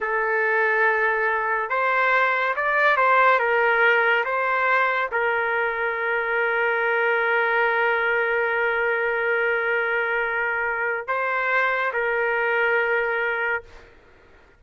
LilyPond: \new Staff \with { instrumentName = "trumpet" } { \time 4/4 \tempo 4 = 141 a'1 | c''2 d''4 c''4 | ais'2 c''2 | ais'1~ |
ais'1~ | ais'1~ | ais'2 c''2 | ais'1 | }